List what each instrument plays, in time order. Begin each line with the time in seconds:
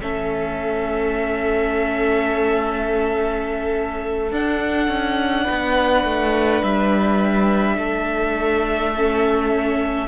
0.00 cello A3, viola C#4, violin A4 E5
4.31 cello D4, viola D4, violin F#5
4.88 cello C#4
5.44 cello B3, violin B4
6.04 cello A3
6.62 cello G3, violin E5
7.77 cello A3, violin A4
8.96 viola C#4